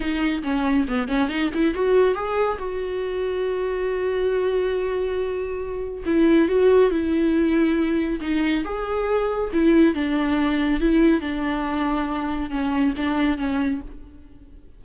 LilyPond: \new Staff \with { instrumentName = "viola" } { \time 4/4 \tempo 4 = 139 dis'4 cis'4 b8 cis'8 dis'8 e'8 | fis'4 gis'4 fis'2~ | fis'1~ | fis'2 e'4 fis'4 |
e'2. dis'4 | gis'2 e'4 d'4~ | d'4 e'4 d'2~ | d'4 cis'4 d'4 cis'4 | }